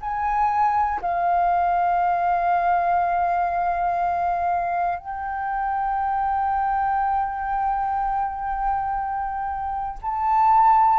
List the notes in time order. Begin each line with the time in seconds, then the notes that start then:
0.00 G#5
1.01 F5
4.98 G5
10.02 A5